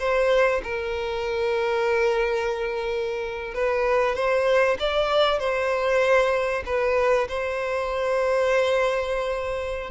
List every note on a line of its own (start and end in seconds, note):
0.00 0.62 C5
0.64 3.55 A#4
3.55 4.16 B4
4.16 4.78 C5
4.80 5.40 D5
5.40 6.64 C5
6.66 7.28 B4
7.28 9.91 C5